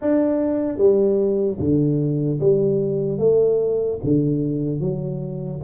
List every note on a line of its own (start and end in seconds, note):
0.01 0.77 D4
0.77 1.57 G3
1.59 2.39 D3
2.40 3.18 G3
3.18 3.98 A3
4.03 4.80 D3
4.80 5.60 F#3